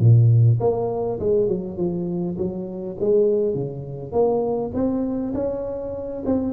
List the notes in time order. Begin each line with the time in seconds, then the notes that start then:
0.00 A#2
0.60 A#3
1.20 G#3
1.48 F#3
1.77 F3
2.38 F#3
3.00 G#3
3.55 C#3
4.12 A#3
4.74 C4
5.34 C#4
6.26 C4